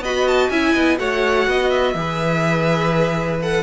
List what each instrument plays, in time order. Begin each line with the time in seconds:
0.00 cello B3, viola F#4, violin D#5 B5
0.27 violin A5
0.49 cello C#4, viola E4, violin E5 G#5
0.74 cello B3, violin D#5
0.98 cello A3, viola F#4, violin C#5 F#5
1.47 cello B3, violin D#5
1.70 violin E5
1.94 cello E3, viola G#4, violin B4
3.42 viola A4, violin F#5